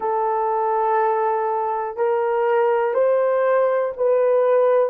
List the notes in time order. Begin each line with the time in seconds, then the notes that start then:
0.00 A4
1.97 A#4
2.94 C5
3.97 B4